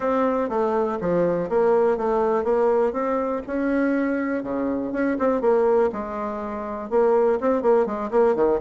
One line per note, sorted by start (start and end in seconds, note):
0.00 0.49 C4
0.49 0.98 A3
1.00 1.49 F3
1.49 1.97 A#3
1.97 2.44 A3
2.44 2.93 A#3
2.93 3.42 C4
3.46 4.43 C#4
4.43 4.92 C#3
4.92 5.17 C#4
5.18 5.41 C4
5.41 5.90 A#3
5.92 6.90 G#3
6.90 7.39 A#3
7.40 7.61 C4
7.61 7.86 A#3
7.86 8.10 G#3
8.10 8.35 A#3
8.35 8.59 D#3